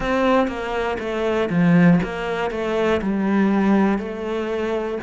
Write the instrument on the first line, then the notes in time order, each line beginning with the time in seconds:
cello
0.00 C4
0.47 A#3
0.99 A3
1.49 F3
2.03 A#3
2.50 A3
3.01 G3
3.98 A3